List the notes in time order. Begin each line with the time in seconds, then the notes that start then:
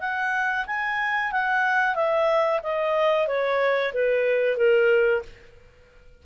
0.00 F#5
0.66 G#5
1.32 F#5
1.95 E5
2.63 D#5
3.27 C#5
3.93 B4
4.57 A#4